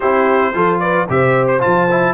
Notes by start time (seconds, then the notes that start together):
0.00 C4 E4 G4 C5
0.53 F3 F4 A4
0.79 B4 D5
1.09 C3 G4 C5 E5
1.47 C5
1.60 F3 F4 A5
1.90 E4